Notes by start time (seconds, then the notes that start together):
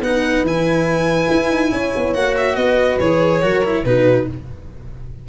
0.00 B3 D#4 B4 F#5
0.42 E3 E4 G#5
1.30 E4
1.50 D#4
1.72 C#4 C#5
1.96 B3
2.14 A#3 F#4 F#5
2.37 E5
2.56 B3 B4 D#5
2.99 E3 G#4 C#5
3.42 F#3 F#4 A#4
3.64 E4
3.84 B2 D#4 F#4 B4